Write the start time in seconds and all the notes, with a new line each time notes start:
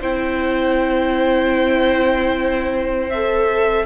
0.00 C4 E4 C5 G5
3.09 A4 E5